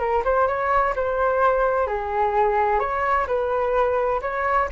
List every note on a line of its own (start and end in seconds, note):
0.00 0.23 A#4
0.25 0.48 C5
0.48 0.95 C#5
0.96 1.87 C5
1.87 2.80 G#4
2.80 3.27 C#5
3.27 4.21 B4
4.22 4.69 C#5